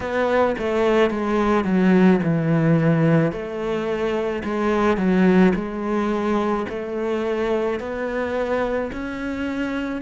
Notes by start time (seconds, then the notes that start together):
0.00 B3
0.58 A3
1.10 G#3
1.64 F#3
2.23 E3
3.31 A3
4.43 G#3
4.97 F#3
5.55 G#3
6.69 A3
7.79 B3
8.92 C#4